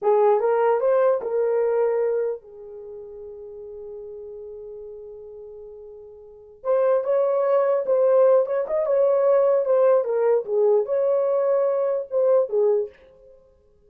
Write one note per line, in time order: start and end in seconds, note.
0.02 0.40 G#4
0.40 0.80 A#4
0.80 1.20 C5
1.21 2.41 A#4
2.41 6.63 G#4
6.63 7.04 C5
7.04 7.84 C#5
7.85 8.46 C5
8.46 8.66 C#5
8.67 8.86 D#5
8.86 9.65 C#5
9.65 10.04 C5
10.04 10.44 A#4
10.45 10.85 G#4
10.85 12.06 C#5
12.10 12.49 C5
12.49 12.89 G#4